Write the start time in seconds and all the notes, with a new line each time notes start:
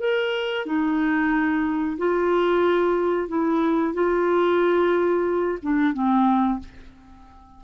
0.00 A#4
0.66 D#4
1.98 F4
3.28 E4
3.94 F4
5.62 D4
5.93 C4